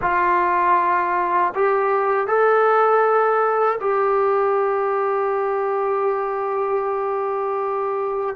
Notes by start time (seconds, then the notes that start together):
0.01 F4
1.54 G4
2.27 A4
3.80 G4